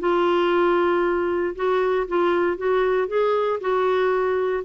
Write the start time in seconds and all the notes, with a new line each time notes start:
0.00 F4
1.55 F#4
2.08 F4
2.57 F#4
3.08 G#4
3.61 F#4